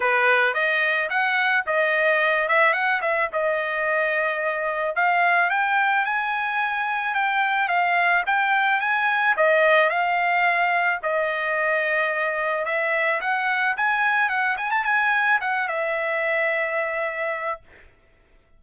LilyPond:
\new Staff \with { instrumentName = "trumpet" } { \time 4/4 \tempo 4 = 109 b'4 dis''4 fis''4 dis''4~ | dis''8 e''8 fis''8 e''8 dis''2~ | dis''4 f''4 g''4 gis''4~ | gis''4 g''4 f''4 g''4 |
gis''4 dis''4 f''2 | dis''2. e''4 | fis''4 gis''4 fis''8 gis''16 a''16 gis''4 | fis''8 e''2.~ e''8 | }